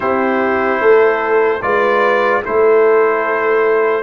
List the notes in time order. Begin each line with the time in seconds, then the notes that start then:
0.00 C4 E4 G4 C5
0.81 A3 A4
1.61 G#3 F4 B4 D5
2.43 A3 E4 A4 C5